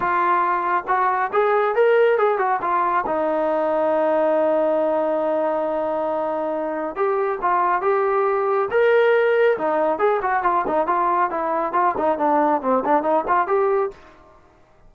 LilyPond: \new Staff \with { instrumentName = "trombone" } { \time 4/4 \tempo 4 = 138 f'2 fis'4 gis'4 | ais'4 gis'8 fis'8 f'4 dis'4~ | dis'1~ | dis'1 |
g'4 f'4 g'2 | ais'2 dis'4 gis'8 fis'8 | f'8 dis'8 f'4 e'4 f'8 dis'8 | d'4 c'8 d'8 dis'8 f'8 g'4 | }